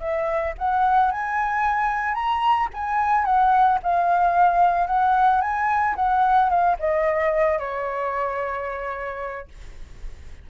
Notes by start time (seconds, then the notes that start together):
0.00 E5
0.58 F#5
1.11 G#5
2.14 A#5
2.74 G#5
3.25 F#5
3.83 F5
4.87 F#5
5.41 G#5
5.96 F#5
6.49 F5
6.79 D#5
7.59 C#5